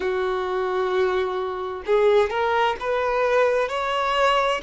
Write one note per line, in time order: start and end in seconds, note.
0.00 1.83 F#4
1.85 2.30 G#4
2.30 2.76 A#4
2.79 3.68 B4
3.68 4.61 C#5